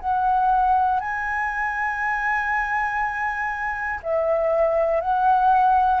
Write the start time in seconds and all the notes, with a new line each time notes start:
0.00 F#5
1.00 G#5
4.03 E5
5.00 F#5